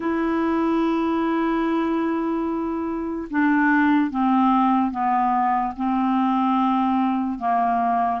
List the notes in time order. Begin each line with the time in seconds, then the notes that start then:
0.00 E4
3.30 D4
4.10 C4
4.91 B3
5.76 C4
7.39 A#3